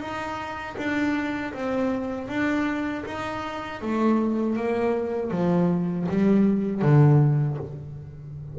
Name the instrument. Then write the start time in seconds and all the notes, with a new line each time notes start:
double bass
0.00 D#4
0.78 D4
1.54 C4
2.28 D4
3.06 D#4
3.81 A3
4.56 A#3
5.31 F3
6.09 G3
6.82 D3